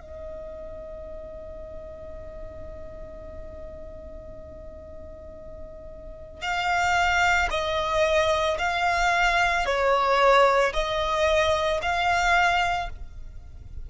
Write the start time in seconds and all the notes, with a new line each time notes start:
0.00 D#5
6.41 F5
7.50 D#5
8.58 F5
9.65 C#5
10.73 D#5
11.82 F5